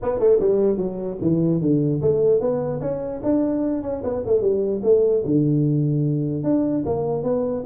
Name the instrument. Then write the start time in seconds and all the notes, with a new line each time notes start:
tuba
0.02 B3
0.19 A3
0.39 G3
0.77 F#3
1.21 E3
1.61 D3
2.01 A3
2.40 B3
2.80 C#4
3.23 D4
3.82 C#4
4.03 B3
4.26 A3
4.41 G3
4.83 A3
5.25 D3
6.43 D4
6.85 A#3
7.23 B3